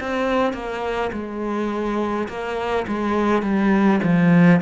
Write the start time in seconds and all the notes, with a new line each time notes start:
0.00 C4
0.53 A#3
1.12 G#3
2.28 A#3
2.87 G#3
3.42 G3
4.03 F3